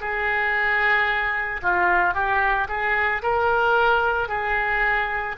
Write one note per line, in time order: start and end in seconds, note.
0.00 1.61 G#4
1.62 2.14 F4
2.14 2.67 G4
2.68 3.22 G#4
3.22 4.28 A#4
4.28 5.35 G#4